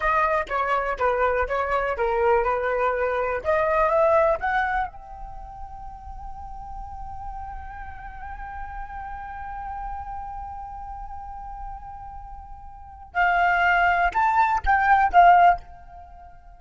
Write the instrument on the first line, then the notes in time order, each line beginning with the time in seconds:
flute
0.00 D#5
0.49 C#5
0.99 B4
1.48 C#5
1.97 A#4
2.44 B4
3.43 D#5
3.89 E5
4.40 F#5
4.87 G5
13.13 F5
14.13 A5
14.65 G5
15.12 F5